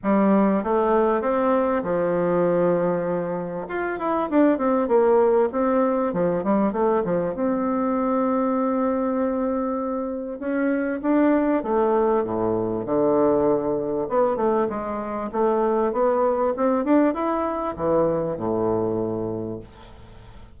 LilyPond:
\new Staff \with { instrumentName = "bassoon" } { \time 4/4 \tempo 4 = 98 g4 a4 c'4 f4~ | f2 f'8 e'8 d'8 c'8 | ais4 c'4 f8 g8 a8 f8 | c'1~ |
c'4 cis'4 d'4 a4 | a,4 d2 b8 a8 | gis4 a4 b4 c'8 d'8 | e'4 e4 a,2 | }